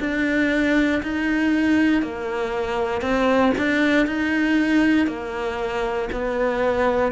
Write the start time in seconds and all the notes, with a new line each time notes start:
0.00 D4
1.02 D#4
2.02 A#3
3.01 C4
3.57 D4
4.06 D#4
5.07 A#3
6.12 B3